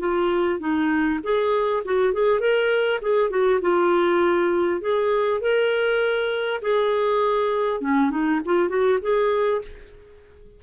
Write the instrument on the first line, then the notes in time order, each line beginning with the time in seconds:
clarinet
0.00 F4
0.60 D#4
1.24 G#4
1.85 F#4
2.14 G#4
2.40 A#4
3.02 G#4
3.31 F#4
3.61 F4
4.81 G#4
5.41 A#4
6.62 G#4
7.81 C#4
8.11 D#4
8.45 F4
8.69 F#4
9.02 G#4